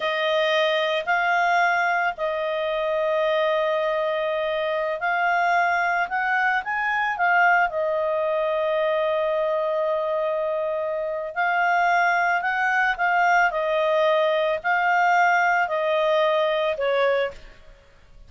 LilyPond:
\new Staff \with { instrumentName = "clarinet" } { \time 4/4 \tempo 4 = 111 dis''2 f''2 | dis''1~ | dis''4~ dis''16 f''2 fis''8.~ | fis''16 gis''4 f''4 dis''4.~ dis''16~ |
dis''1~ | dis''4 f''2 fis''4 | f''4 dis''2 f''4~ | f''4 dis''2 cis''4 | }